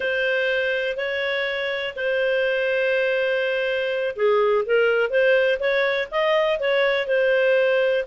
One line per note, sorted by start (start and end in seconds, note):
0.00 0.96 C5
0.96 1.94 C#5
1.96 4.15 C5
4.16 4.64 G#4
4.65 5.10 A#4
5.10 5.59 C5
5.59 6.08 C#5
6.11 6.59 D#5
6.59 7.07 C#5
7.07 8.04 C5